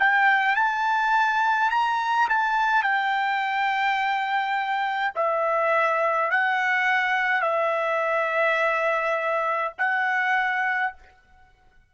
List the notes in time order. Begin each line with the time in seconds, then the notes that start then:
0.00 G5
0.56 A5
1.71 A#5
2.29 A5
2.83 G5
5.16 E5
6.31 F#5
7.42 E5
9.78 F#5